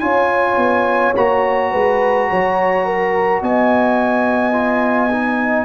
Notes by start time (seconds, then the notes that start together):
0.00 C#4 F4 C#5 G#5
0.57 B3
1.16 A#3 F#4 A#5
1.72 G#3 B4
2.30 F#3 C#5
2.85 A#4
3.42 B3 D#5 G#5
4.53 F4
5.11 D#4